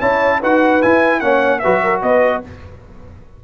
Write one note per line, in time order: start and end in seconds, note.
0.00 0.42 C#4
0.00 0.41 E4
0.00 0.40 C#5
0.00 0.41 A5
0.40 0.82 D#4
0.40 0.82 F#4
0.40 1.21 B4
0.40 0.82 F#5
0.82 1.21 E4
0.82 1.22 E4
0.82 1.20 G#5
1.20 1.62 A#3
1.20 1.61 C#4
1.20 1.62 C#5
1.20 1.59 F#5
1.59 2.44 F#4
1.59 1.82 B4
1.59 1.99 E5
1.66 2.02 F#3
1.83 2.02 A#4
2.02 2.43 B3
2.02 2.42 B4
2.02 2.42 D#5